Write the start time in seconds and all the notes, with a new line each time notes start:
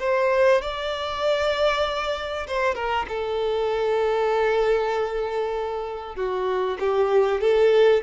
0.00 C5
0.62 D5
2.48 C5
2.76 A#4
3.09 A4
6.16 F#4
6.80 G4
7.41 A4